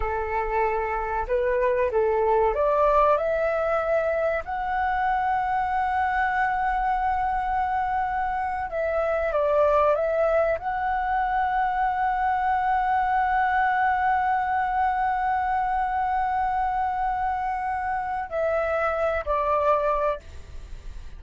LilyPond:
\new Staff \with { instrumentName = "flute" } { \time 4/4 \tempo 4 = 95 a'2 b'4 a'4 | d''4 e''2 fis''4~ | fis''1~ | fis''4.~ fis''16 e''4 d''4 e''16~ |
e''8. fis''2.~ fis''16~ | fis''1~ | fis''1~ | fis''4 e''4. d''4. | }